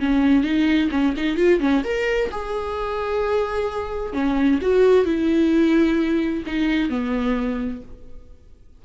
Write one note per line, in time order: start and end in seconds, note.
0.00 0.44 C#4
0.44 0.90 D#4
0.92 1.15 C#4
1.17 1.37 D#4
1.37 1.60 F4
1.60 1.84 C#4
1.84 2.31 A#4
2.31 4.13 G#4
4.13 4.60 C#4
4.62 5.06 F#4
5.06 6.44 E4
6.47 6.90 D#4
6.90 7.82 B3